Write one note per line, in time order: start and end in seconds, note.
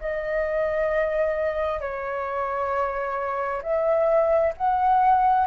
0.00 1.80 D#5
1.80 3.62 C#5
3.62 4.53 E5
4.57 5.46 F#5